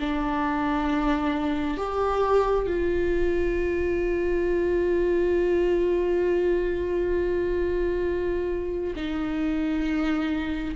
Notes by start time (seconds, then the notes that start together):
0.00 D4
1.77 G4
2.67 F4
8.96 D#4